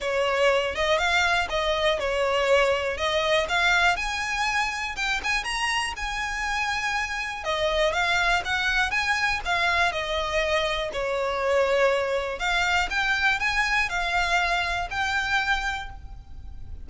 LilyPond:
\new Staff \with { instrumentName = "violin" } { \time 4/4 \tempo 4 = 121 cis''4. dis''8 f''4 dis''4 | cis''2 dis''4 f''4 | gis''2 g''8 gis''8 ais''4 | gis''2. dis''4 |
f''4 fis''4 gis''4 f''4 | dis''2 cis''2~ | cis''4 f''4 g''4 gis''4 | f''2 g''2 | }